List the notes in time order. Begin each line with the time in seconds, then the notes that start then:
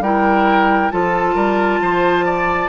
0.00 G3 E4 A#4 G5
0.91 F3 F4 A4 A5
1.35 G3 A#4
1.80 F3 C5
2.25 D5